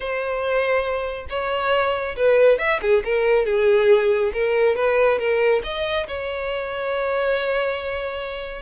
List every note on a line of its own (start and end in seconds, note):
0.00 1.26 C5
1.29 2.15 C#5
2.16 2.58 B4
2.58 2.79 E5
2.81 3.03 G#4
3.04 3.45 A#4
3.45 4.32 G#4
4.33 4.75 A#4
4.75 5.18 B4
5.18 5.61 A#4
5.63 6.06 D#5
6.07 8.61 C#5